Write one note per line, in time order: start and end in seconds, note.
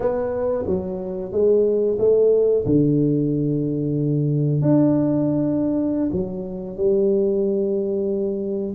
0.00 0.65 B3
0.66 1.32 F#3
1.32 1.98 G#3
1.98 2.64 A3
2.65 4.61 D3
4.61 6.10 D4
6.11 6.76 F#3
6.76 8.74 G3